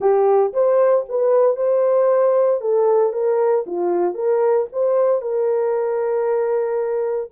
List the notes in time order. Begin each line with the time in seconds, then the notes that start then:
0.00 G4
0.53 C5
1.08 B4
1.56 C5
2.60 A4
3.12 A#4
3.66 F4
4.14 A#4
4.72 C5
5.21 A#4